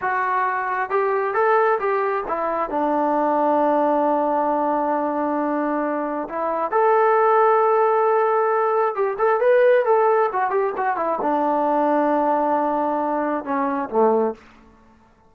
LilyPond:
\new Staff \with { instrumentName = "trombone" } { \time 4/4 \tempo 4 = 134 fis'2 g'4 a'4 | g'4 e'4 d'2~ | d'1~ | d'2 e'4 a'4~ |
a'1 | g'8 a'8 b'4 a'4 fis'8 g'8 | fis'8 e'8 d'2.~ | d'2 cis'4 a4 | }